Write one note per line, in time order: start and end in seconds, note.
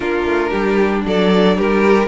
0.00 0.24 A#3
0.00 2.07 D4
0.00 0.50 F4
0.00 1.02 A#4
0.24 0.50 A3
0.50 1.05 G3
0.50 1.02 G4
1.05 1.57 F#3
1.05 1.56 A4
1.05 1.58 D5
1.56 2.07 G3
1.56 2.07 G4
1.56 2.07 A#4